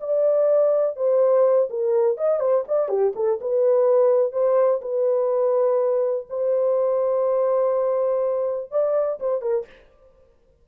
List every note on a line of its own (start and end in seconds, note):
0.00 0.96 D5
0.96 1.69 C5
1.70 2.17 A#4
2.17 2.40 D#5
2.40 2.64 C5
2.68 2.89 D5
2.89 3.13 G4
3.15 3.39 A4
3.41 4.32 B4
4.32 4.81 C5
4.81 6.27 B4
6.29 8.71 C5
8.71 9.19 D5
9.20 9.41 C5
9.41 9.66 A#4